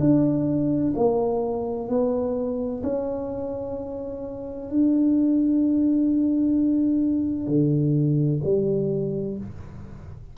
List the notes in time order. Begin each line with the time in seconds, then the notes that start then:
0.00 D4
0.96 A#3
1.89 B3
2.83 C#4
4.70 D4
7.47 D3
8.44 G3